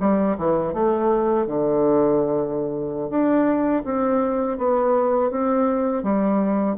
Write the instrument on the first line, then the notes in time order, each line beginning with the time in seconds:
bassoon
0.00 G3
0.38 E3
0.73 A3
1.46 D3
3.10 D4
3.84 C4
4.58 B3
5.30 C4
6.03 G3